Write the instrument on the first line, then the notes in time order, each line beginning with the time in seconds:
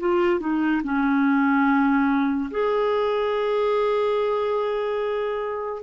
clarinet
0.00 F4
0.40 D#4
0.84 C#4
2.51 G#4